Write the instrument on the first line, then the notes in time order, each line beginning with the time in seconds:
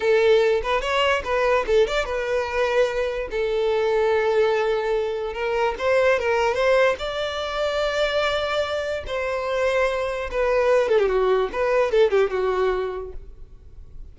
violin
0.00 A4
0.62 B4
0.81 C#5
1.24 B4
1.66 A4
1.87 D5
2.05 B4
3.31 A4
5.33 A#4
5.78 C5
6.19 A#4
6.54 C5
6.98 D5
9.06 C5
10.31 B4
10.88 A4
10.98 G4
11.08 F#4
11.52 B4
11.91 A4
12.10 G4
12.30 F#4